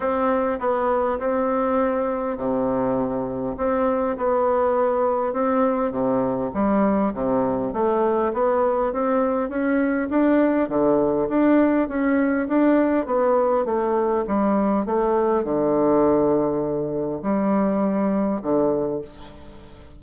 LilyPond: \new Staff \with { instrumentName = "bassoon" } { \time 4/4 \tempo 4 = 101 c'4 b4 c'2 | c2 c'4 b4~ | b4 c'4 c4 g4 | c4 a4 b4 c'4 |
cis'4 d'4 d4 d'4 | cis'4 d'4 b4 a4 | g4 a4 d2~ | d4 g2 d4 | }